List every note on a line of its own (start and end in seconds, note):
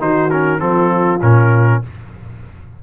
0.00 0.61 D#3
0.00 0.30 D#4
0.00 0.61 F#4
0.00 0.30 C5
0.30 0.59 C#4
0.30 0.60 A#4
0.59 1.21 F3
0.59 1.20 C4
0.59 1.83 F4
0.59 1.21 A4
1.22 1.82 A#2
1.22 1.83 C#4
1.22 1.83 A#4